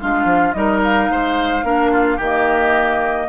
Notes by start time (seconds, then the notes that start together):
0.00 G#3 D4 F4 F5
0.25 F3
0.53 G3 D#4 A#4 D#5
0.84 F5
1.10 G#3 C5
1.63 A#3 D4 A#4
1.91 F4
2.17 D#3 A#3 G4
2.23 D#5